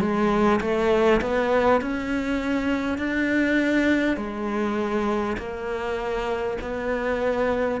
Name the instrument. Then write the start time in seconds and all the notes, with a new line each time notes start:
cello
0.00 G#3
0.60 A3
1.21 B3
1.81 C#4
2.98 D4
4.17 G#3
5.37 A#3
6.61 B3